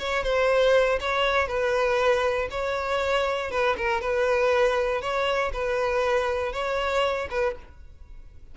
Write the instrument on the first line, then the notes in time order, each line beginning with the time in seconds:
violin
0.00 C#5
0.24 C5
1.01 C#5
1.48 B4
2.51 C#5
3.52 B4
3.78 A#4
4.02 B4
5.02 C#5
5.53 B4
6.53 C#5
7.31 B4